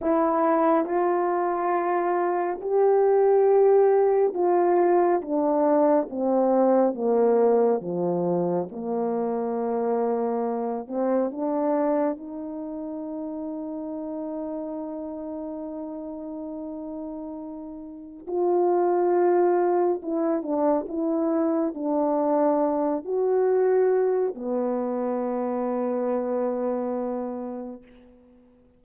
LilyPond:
\new Staff \with { instrumentName = "horn" } { \time 4/4 \tempo 4 = 69 e'4 f'2 g'4~ | g'4 f'4 d'4 c'4 | ais4 f4 ais2~ | ais8 c'8 d'4 dis'2~ |
dis'1~ | dis'4 f'2 e'8 d'8 | e'4 d'4. fis'4. | b1 | }